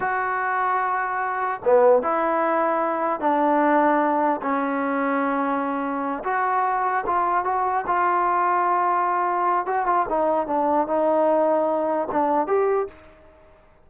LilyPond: \new Staff \with { instrumentName = "trombone" } { \time 4/4 \tempo 4 = 149 fis'1 | b4 e'2. | d'2. cis'4~ | cis'2.~ cis'8 fis'8~ |
fis'4. f'4 fis'4 f'8~ | f'1 | fis'8 f'8 dis'4 d'4 dis'4~ | dis'2 d'4 g'4 | }